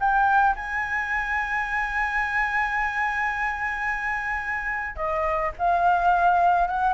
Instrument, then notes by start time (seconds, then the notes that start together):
flute
0.00 G5
0.56 G#5
4.96 D#5
5.59 F5
6.68 F#5